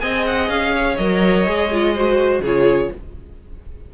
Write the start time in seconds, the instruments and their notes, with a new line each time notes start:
0.00 cello C4, viola G#4, violin D#5 G#5
0.26 violin F#5
0.49 cello C#4, violin F5
0.75 violin C#5
0.97 cello F#3, viola A#4, violin D#5
1.47 cello G#3, viola G#4
1.72 viola F4
1.95 viola F#4, violin C5
2.40 cello C#3, viola F4, violin G#4 C#5